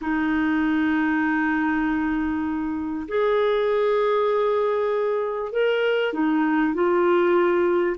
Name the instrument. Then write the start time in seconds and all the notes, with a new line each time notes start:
clarinet
0.01 D#4
3.08 G#4
5.52 A#4
6.13 D#4
6.73 F4